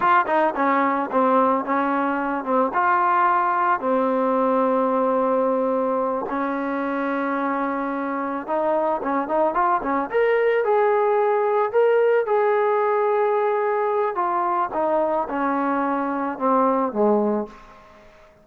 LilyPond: \new Staff \with { instrumentName = "trombone" } { \time 4/4 \tempo 4 = 110 f'8 dis'8 cis'4 c'4 cis'4~ | cis'8 c'8 f'2 c'4~ | c'2.~ c'8 cis'8~ | cis'2.~ cis'8 dis'8~ |
dis'8 cis'8 dis'8 f'8 cis'8 ais'4 gis'8~ | gis'4. ais'4 gis'4.~ | gis'2 f'4 dis'4 | cis'2 c'4 gis4 | }